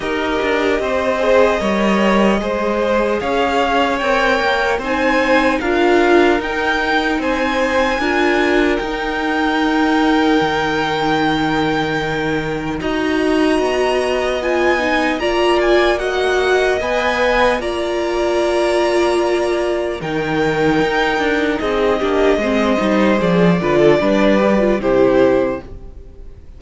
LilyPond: <<
  \new Staff \with { instrumentName = "violin" } { \time 4/4 \tempo 4 = 75 dis''1 | f''4 g''4 gis''4 f''4 | g''4 gis''2 g''4~ | g''1 |
ais''2 gis''4 ais''8 gis''8 | fis''4 gis''4 ais''2~ | ais''4 g''2 dis''4~ | dis''4 d''2 c''4 | }
  \new Staff \with { instrumentName = "violin" } { \time 4/4 ais'4 c''4 cis''4 c''4 | cis''2 c''4 ais'4~ | ais'4 c''4 ais'2~ | ais'1 |
dis''2. d''4 | dis''2 d''2~ | d''4 ais'2 gis'8 g'8 | c''4. b'16 a'16 b'4 g'4 | }
  \new Staff \with { instrumentName = "viola" } { \time 4/4 g'4. gis'8 ais'4 gis'4~ | gis'4 ais'4 dis'4 f'4 | dis'2 f'4 dis'4~ | dis'1 |
fis'2 f'8 dis'8 f'4 | fis'4 b'4 f'2~ | f'4 dis'2~ dis'8 d'8 | c'8 dis'8 gis'8 f'8 d'8 g'16 f'16 e'4 | }
  \new Staff \with { instrumentName = "cello" } { \time 4/4 dis'8 d'8 c'4 g4 gis4 | cis'4 c'8 ais8 c'4 d'4 | dis'4 c'4 d'4 dis'4~ | dis'4 dis2. |
dis'4 b2 ais4~ | ais4 b4 ais2~ | ais4 dis4 dis'8 d'8 c'8 ais8 | gis8 g8 f8 d8 g4 c4 | }
>>